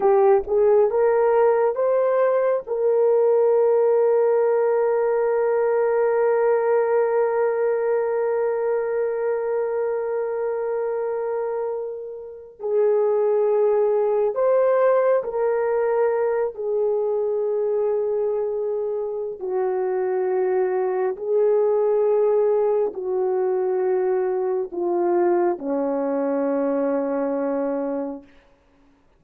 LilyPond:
\new Staff \with { instrumentName = "horn" } { \time 4/4 \tempo 4 = 68 g'8 gis'8 ais'4 c''4 ais'4~ | ais'1~ | ais'1~ | ais'2~ ais'16 gis'4.~ gis'16~ |
gis'16 c''4 ais'4. gis'4~ gis'16~ | gis'2 fis'2 | gis'2 fis'2 | f'4 cis'2. | }